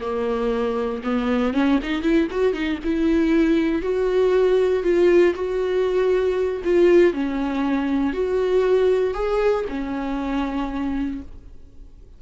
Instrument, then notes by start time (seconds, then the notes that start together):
viola
0.00 A#3
1.03 B3
1.53 C#4
1.82 D#4
2.02 E4
2.30 F#4
2.53 D#4
2.84 E4
3.82 F#4
4.83 F4
5.34 F#4
6.64 F4
7.13 C#4
8.13 F#4
9.14 G#4
9.68 C#4